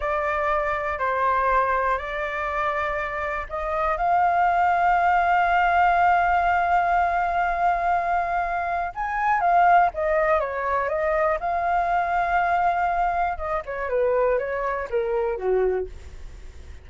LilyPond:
\new Staff \with { instrumentName = "flute" } { \time 4/4 \tempo 4 = 121 d''2 c''2 | d''2. dis''4 | f''1~ | f''1~ |
f''2 gis''4 f''4 | dis''4 cis''4 dis''4 f''4~ | f''2. dis''8 cis''8 | b'4 cis''4 ais'4 fis'4 | }